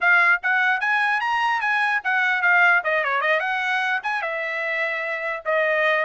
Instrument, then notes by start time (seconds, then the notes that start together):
trumpet
0.01 F5
0.42 F#5
0.80 G#5
1.20 A#5
1.60 G#5
2.04 F#5
2.42 F5
2.84 D#5
3.03 C#5
3.21 D#5
3.40 F#5
4.03 G#5
4.22 E5
5.45 D#5